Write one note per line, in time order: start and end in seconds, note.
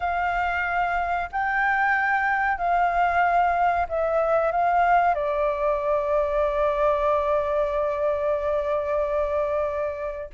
0.00 1.29 F5
1.32 2.57 G5
2.57 3.87 F5
3.89 4.51 E5
4.51 5.14 F5
5.14 10.30 D5